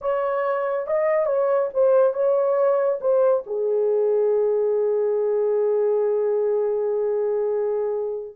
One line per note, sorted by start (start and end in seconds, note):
0.01 0.86 C#5
0.86 1.25 D#5
1.25 1.68 C#5
1.73 2.13 C5
2.13 2.99 C#5
3.00 3.43 C5
3.46 8.36 G#4